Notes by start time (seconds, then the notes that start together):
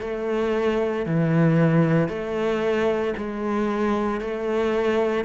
0.00 A3
1.06 E3
2.08 A3
3.17 G#3
4.21 A3